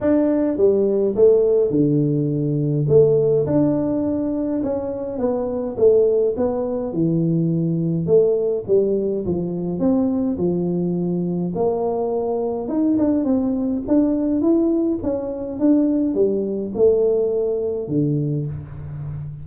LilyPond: \new Staff \with { instrumentName = "tuba" } { \time 4/4 \tempo 4 = 104 d'4 g4 a4 d4~ | d4 a4 d'2 | cis'4 b4 a4 b4 | e2 a4 g4 |
f4 c'4 f2 | ais2 dis'8 d'8 c'4 | d'4 e'4 cis'4 d'4 | g4 a2 d4 | }